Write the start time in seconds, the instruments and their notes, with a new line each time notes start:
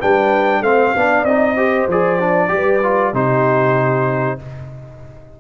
0.00 tuba G3, trombone D4, horn B4, trumpet G5
0.62 tuba A3, trombone C4, horn C5, trumpet F5
0.96 tuba B3, trombone D4, horn D5
1.24 tuba C4, trombone D#4, trumpet D#5
1.56 trombone G4, horn C5
1.88 tuba F3, trombone G#4, trumpet D5
2.20 trombone D4
2.49 tuba G3, trombone G4
2.56 horn B4
2.83 trombone F4
3.14 tuba C3, trombone D#4, horn G4, trumpet C5